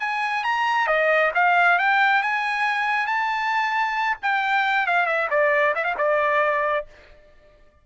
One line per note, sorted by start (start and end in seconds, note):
0.00 0.44 G#5
0.44 0.87 A#5
0.87 1.32 D#5
1.35 1.79 F5
1.79 2.23 G5
2.23 3.07 G#5
3.07 4.17 A5
4.22 4.87 G5
4.87 5.06 F5
5.06 5.28 E5
5.30 5.75 D5
5.75 5.84 E5
5.84 5.95 F5
5.98 6.86 D5